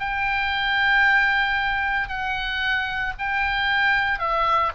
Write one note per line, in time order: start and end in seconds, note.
0.00 2.09 G5
2.09 3.14 F#5
3.19 4.20 G5
4.20 4.72 E5